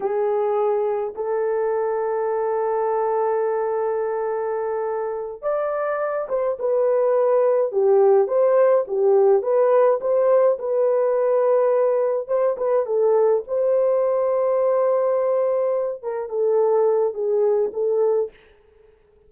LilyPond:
\new Staff \with { instrumentName = "horn" } { \time 4/4 \tempo 4 = 105 gis'2 a'2~ | a'1~ | a'4. d''4. c''8 b'8~ | b'4. g'4 c''4 g'8~ |
g'8 b'4 c''4 b'4.~ | b'4. c''8 b'8 a'4 c''8~ | c''1 | ais'8 a'4. gis'4 a'4 | }